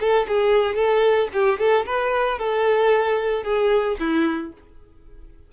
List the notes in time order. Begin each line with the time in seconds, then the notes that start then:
0.00 A4
0.28 G#4
0.75 A4
1.33 G4
1.59 A4
1.86 B4
2.38 A4
3.43 G#4
3.99 E4